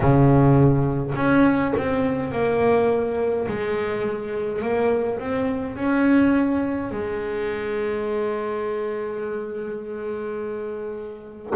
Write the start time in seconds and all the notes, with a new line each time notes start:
0.00 C#3
1.15 C#4
1.77 C4
2.31 A#3
3.47 G#3
4.62 A#3
5.19 C4
5.75 C#4
6.91 G#3